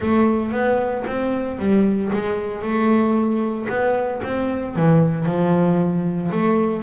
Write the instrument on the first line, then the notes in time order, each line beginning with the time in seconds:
double bass
0.00 A3
0.51 B3
1.06 C4
1.58 G3
2.12 G#3
2.61 A3
3.68 B3
4.23 C4
4.75 E3
5.25 F3
6.31 A3